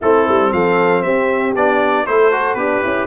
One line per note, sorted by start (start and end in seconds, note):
0.01 0.27 A3
0.01 1.55 C4
0.01 0.52 E4
0.01 0.52 A4
0.27 0.52 G3
0.52 1.04 F3
0.52 1.03 A4
0.52 1.02 F5
1.02 1.55 C4
1.02 2.06 G4
1.02 1.53 E5
1.55 2.06 B3
1.55 2.06 D4
1.55 2.06 D5
2.06 2.55 A3
2.06 2.31 E4
2.06 2.58 A4
2.06 2.54 C5
2.31 2.57 F#4
2.54 2.80 B3
2.54 2.82 D4
2.54 3.06 G4
2.54 3.06 B4
2.82 3.06 C#4
2.82 3.06 E4